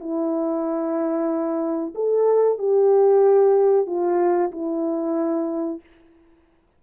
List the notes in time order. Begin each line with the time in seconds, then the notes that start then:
0.00 E4
1.95 A4
2.58 G4
3.87 F4
4.52 E4